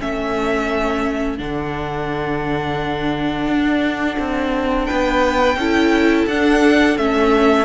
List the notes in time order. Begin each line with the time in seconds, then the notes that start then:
0.00 A3 C#4 A4 E5
1.38 D3 D4 F#5
3.47 D4
4.19 C4
4.86 B3 B4 G5
5.56 C#4 E4 A4
6.27 D4 F#5
6.98 A3 C#4 E5